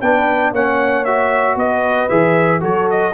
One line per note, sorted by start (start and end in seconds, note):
0.00 0.52 B3
0.00 0.55 D4
0.00 0.52 B4
0.00 0.53 G5
0.52 1.56 A#3
0.52 1.06 C#4
0.52 1.57 C#5
0.52 1.05 F#5
1.05 2.10 F#4
1.05 1.57 E5
1.56 2.08 B3
1.56 2.61 B4
1.56 2.09 D#5
2.09 2.62 E3
2.09 2.60 G#4
2.09 2.61 E5
2.60 3.13 F#3
2.60 3.12 F#4
2.60 3.13 A4
2.60 2.90 C#5
2.90 3.13 D#5